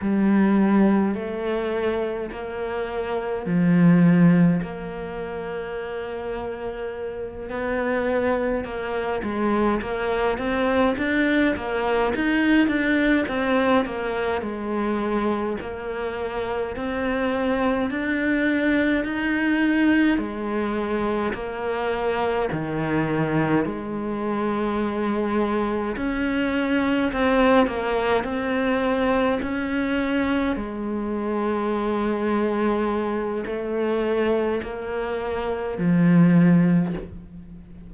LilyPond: \new Staff \with { instrumentName = "cello" } { \time 4/4 \tempo 4 = 52 g4 a4 ais4 f4 | ais2~ ais8 b4 ais8 | gis8 ais8 c'8 d'8 ais8 dis'8 d'8 c'8 | ais8 gis4 ais4 c'4 d'8~ |
d'8 dis'4 gis4 ais4 dis8~ | dis8 gis2 cis'4 c'8 | ais8 c'4 cis'4 gis4.~ | gis4 a4 ais4 f4 | }